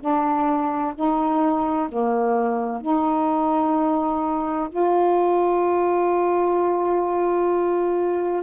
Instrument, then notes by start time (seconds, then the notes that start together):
saxophone
0.00 D4
0.95 D#4
1.88 A#3
2.81 D#4
4.70 F4